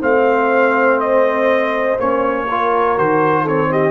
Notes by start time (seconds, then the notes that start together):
0.00 A3 C4 C5 F5
1.00 D#5
1.98 A#3 C#4 C#5
2.49 F4 A#4
2.98 D#3 F#4 C5
3.43 C4 A4 C#5
3.71 G4 D#5